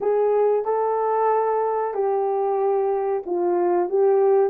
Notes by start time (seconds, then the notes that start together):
0.01 G#4
0.65 A4
1.94 G4
3.26 F4
3.89 G4